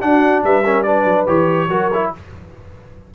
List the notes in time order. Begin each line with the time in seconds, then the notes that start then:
0.00 D4 F#4 F#5
0.43 G3 B4 E5
0.64 C#4 A#4
0.83 D4 B4 D5
1.04 F#3
1.26 E3 G4 C#5
1.68 F#3 F#4 A#4
1.93 E4